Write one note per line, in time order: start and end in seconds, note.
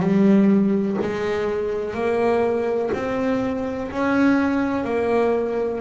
0.00 0.97 G3
1.01 1.94 G#3
1.94 2.90 A#3
2.93 3.90 C4
3.91 4.84 C#4
4.84 5.80 A#3